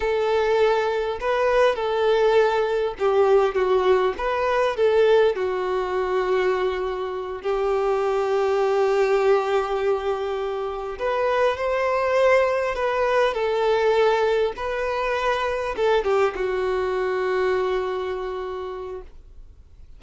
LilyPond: \new Staff \with { instrumentName = "violin" } { \time 4/4 \tempo 4 = 101 a'2 b'4 a'4~ | a'4 g'4 fis'4 b'4 | a'4 fis'2.~ | fis'8 g'2.~ g'8~ |
g'2~ g'8 b'4 c''8~ | c''4. b'4 a'4.~ | a'8 b'2 a'8 g'8 fis'8~ | fis'1 | }